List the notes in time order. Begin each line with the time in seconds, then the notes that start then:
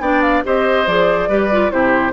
0.00 B3 D4 D5 G5
0.22 F5
0.44 C4 G4 C5 D#5
0.87 F3 G#4 D5
1.28 G3 G4 B4
1.52 F4
1.70 C3 E4 G4 C5